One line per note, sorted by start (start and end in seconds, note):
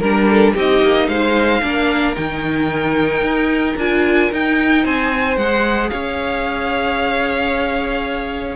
0.00 0.55 G3
0.00 0.56 D4
0.00 0.27 A#4
0.00 0.54 A#4
0.30 0.54 A4
0.54 0.83 C4
0.54 1.63 D#4
0.54 1.07 G4
0.54 1.08 D#5
0.83 1.08 A#3
1.08 1.62 G#3
1.08 1.62 C5
1.08 2.16 F5
1.63 2.17 A#3
1.63 2.16 D4
1.63 4.83 A#4
2.16 3.22 D#3
2.16 3.77 D#4
2.16 3.77 G5
3.22 3.75 D#4
3.77 4.31 D4
3.77 4.33 F4
3.77 4.32 G#5
4.33 4.85 D#4
4.33 5.39 D#4
4.33 4.86 G5
4.83 5.37 C4
4.83 5.91 C5
4.83 5.37 G#5
5.37 5.91 G#3
5.37 8.57 G#4
5.37 5.90 F#5
5.90 8.57 C#4
5.90 8.57 C#5
5.90 8.57 F5